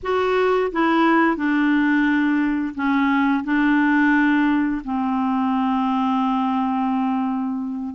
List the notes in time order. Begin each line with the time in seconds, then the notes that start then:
0.02 F#4
0.71 E4
1.36 D4
2.74 C#4
3.44 D4
4.84 C4